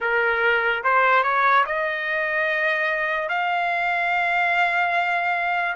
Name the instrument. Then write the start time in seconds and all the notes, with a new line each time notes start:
trumpet
0.00 A#4
0.83 C5
1.23 C#5
1.66 D#5
3.28 F5